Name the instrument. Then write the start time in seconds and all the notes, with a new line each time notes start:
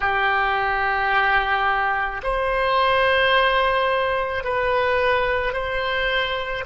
oboe
0.00 G4
2.23 C5
4.44 B4
5.53 C5